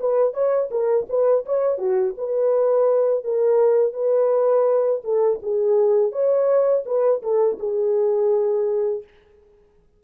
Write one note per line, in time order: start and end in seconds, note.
0.00 0.34 B4
0.34 0.70 C#5
0.71 1.07 A#4
1.09 1.45 B4
1.46 1.78 C#5
1.78 2.14 F#4
2.18 3.24 B4
3.24 3.93 A#4
3.93 5.02 B4
5.04 5.40 A4
5.42 6.12 G#4
6.12 6.84 C#5
6.86 7.22 B4
7.22 7.58 A4
7.59 9.04 G#4